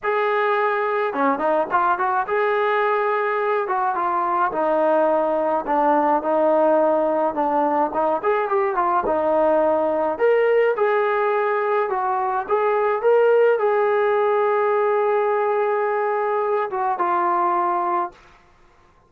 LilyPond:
\new Staff \with { instrumentName = "trombone" } { \time 4/4 \tempo 4 = 106 gis'2 cis'8 dis'8 f'8 fis'8 | gis'2~ gis'8 fis'8 f'4 | dis'2 d'4 dis'4~ | dis'4 d'4 dis'8 gis'8 g'8 f'8 |
dis'2 ais'4 gis'4~ | gis'4 fis'4 gis'4 ais'4 | gis'1~ | gis'4. fis'8 f'2 | }